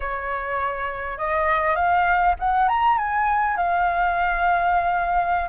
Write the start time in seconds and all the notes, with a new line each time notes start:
0.00 C#5
1.18 D#5
1.75 F5
2.39 F#5
2.68 A#5
2.97 G#5
3.56 F5